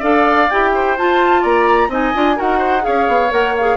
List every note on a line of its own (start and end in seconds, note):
0.00 0.50 D4
0.00 0.48 A4
0.00 0.70 D5
0.00 0.50 F5
0.50 0.99 E4
0.50 0.98 G4
0.50 0.97 G5
0.75 1.42 C5
0.98 1.90 F4
0.98 1.44 F4
0.98 1.44 A5
1.42 1.89 A#3
1.42 1.89 D5
1.42 1.91 A#5
1.89 2.12 C4
1.89 2.14 D#4
1.89 2.37 D#5
1.89 2.40 G#5
2.15 2.39 D4
2.15 2.36 F4
2.36 2.87 D#4
2.36 2.81 F#4
2.36 2.58 A#4
2.36 2.85 F#5
2.58 2.82 C5
2.81 3.28 G#4
2.81 3.77 C#5
2.81 3.32 F5
2.88 3.08 C#4
3.08 3.32 B3
3.31 3.77 A#3
3.31 3.54 A#4
3.31 3.56 F#5
3.56 3.77 G#4
3.56 3.77 F5